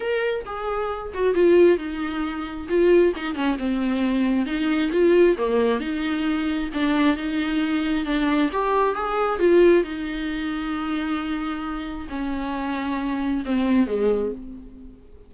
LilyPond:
\new Staff \with { instrumentName = "viola" } { \time 4/4 \tempo 4 = 134 ais'4 gis'4. fis'8 f'4 | dis'2 f'4 dis'8 cis'8 | c'2 dis'4 f'4 | ais4 dis'2 d'4 |
dis'2 d'4 g'4 | gis'4 f'4 dis'2~ | dis'2. cis'4~ | cis'2 c'4 gis4 | }